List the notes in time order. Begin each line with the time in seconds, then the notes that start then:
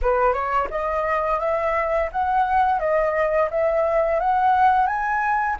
0.02 B4
0.33 C#5
0.70 D#5
1.40 E5
2.12 F#5
2.79 D#5
3.50 E5
4.20 F#5
4.86 G#5